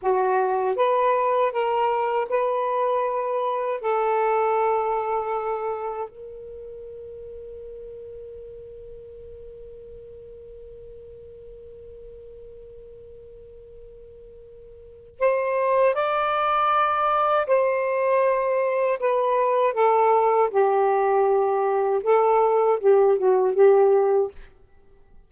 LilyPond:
\new Staff \with { instrumentName = "saxophone" } { \time 4/4 \tempo 4 = 79 fis'4 b'4 ais'4 b'4~ | b'4 a'2. | ais'1~ | ais'1~ |
ais'1 | c''4 d''2 c''4~ | c''4 b'4 a'4 g'4~ | g'4 a'4 g'8 fis'8 g'4 | }